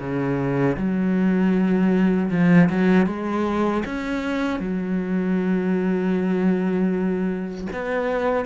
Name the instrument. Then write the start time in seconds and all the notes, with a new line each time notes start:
cello
0.00 C#3
0.77 F#3
2.31 F3
2.70 F#3
3.07 G#3
3.86 C#4
4.60 F#3
7.73 B3